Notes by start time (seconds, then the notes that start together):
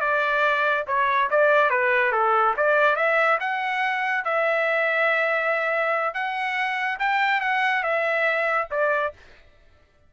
0.00 D5
0.87 C#5
1.30 D5
1.70 B4
2.12 A4
2.57 D5
2.96 E5
3.40 F#5
4.24 E5
6.14 F#5
6.99 G5
7.40 F#5
7.83 E5
8.71 D5